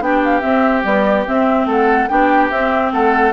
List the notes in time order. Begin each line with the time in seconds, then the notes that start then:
0.00 B3 D4 G4 G5
0.24 F5
0.41 C4 E5
0.83 G3 B3 D5
1.27 C4 E5
1.66 A3 A4 F#5
2.09 B3 D4 G4 G5
2.50 C4 E5
2.92 A3 A4 F#5